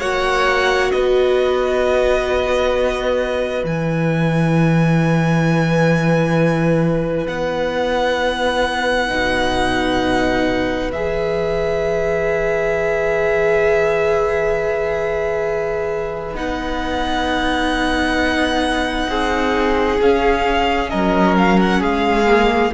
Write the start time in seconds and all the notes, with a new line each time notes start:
0.00 A#3 F#4 C#5 F#5
0.92 B3 B4 D#5
3.64 E3 E4 G#5
7.28 B3 F#5
9.09 B2 D#4
10.93 E3 G#4 E5
16.34 B3 D#4 F#5
19.10 C4 G#4
20.02 C#4 F5
20.90 F#3 A#4 D#5
21.38 F5
21.61 F#5
21.80 G#3 G#4 F5
22.26 A#3